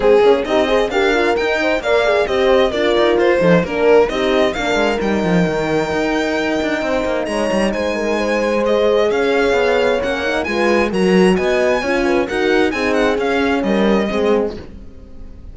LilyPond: <<
  \new Staff \with { instrumentName = "violin" } { \time 4/4 \tempo 4 = 132 gis'4 dis''4 f''4 g''4 | f''4 dis''4 d''4 c''4 | ais'4 dis''4 f''4 g''4~ | g''1 |
ais''4 gis''2 dis''4 | f''2 fis''4 gis''4 | ais''4 gis''2 fis''4 | gis''8 fis''8 f''4 dis''2 | }
  \new Staff \with { instrumentName = "horn" } { \time 4/4 gis'4 g'8 c''8 ais'4. c''8 | d''4 c''4 ais'4. a'8 | ais'4 g'4 ais'2~ | ais'2. c''4 |
cis''4 c''8 ais'8 c''2 | cis''2. b'4 | ais'4 dis''4 cis''8 b'8 ais'4 | gis'2 ais'4 gis'4 | }
  \new Staff \with { instrumentName = "horn" } { \time 4/4 c'8 cis'8 dis'8 gis'8 g'8 f'8 dis'4 | ais'8 gis'8 g'4 f'4. dis'8 | d'4 dis'4 d'4 dis'4~ | dis'1~ |
dis'2. gis'4~ | gis'2 cis'8 dis'8 f'4 | fis'2 f'4 fis'4 | dis'4 cis'2 c'4 | }
  \new Staff \with { instrumentName = "cello" } { \time 4/4 gis8 ais8 c'4 d'4 dis'4 | ais4 c'4 d'8 dis'8 f'8 f8 | ais4 c'4 ais8 gis8 g8 f8 | dis4 dis'4. d'8 c'8 ais8 |
gis8 g8 gis2. | cis'4 b4 ais4 gis4 | fis4 b4 cis'4 dis'4 | c'4 cis'4 g4 gis4 | }
>>